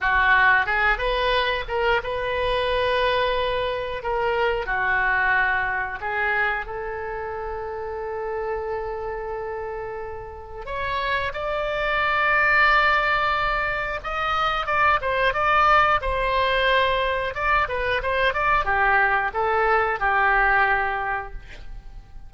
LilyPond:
\new Staff \with { instrumentName = "oboe" } { \time 4/4 \tempo 4 = 90 fis'4 gis'8 b'4 ais'8 b'4~ | b'2 ais'4 fis'4~ | fis'4 gis'4 a'2~ | a'1 |
cis''4 d''2.~ | d''4 dis''4 d''8 c''8 d''4 | c''2 d''8 b'8 c''8 d''8 | g'4 a'4 g'2 | }